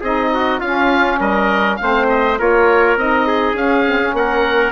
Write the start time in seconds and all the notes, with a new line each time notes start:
0.00 C4 D#4 G#4 D#5
0.33 F#4
0.59 C#4 F4 F5
1.19 G3 A#4 D#5
1.76 A3 C4 F5
1.82 C5
2.09 D#5
2.37 A#3 F4 A#4 C#5
2.96 C4 D#4 D#5
3.27 G#4
3.54 C#4 F5
3.85 C4
4.00 C#4
4.13 A#3 A#4 F#5